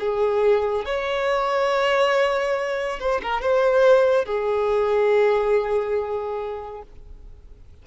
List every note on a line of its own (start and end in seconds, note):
0.00 0.86 G#4
0.86 3.00 C#5
3.00 3.21 C5
3.23 3.42 A#4
3.42 4.25 C5
4.25 6.83 G#4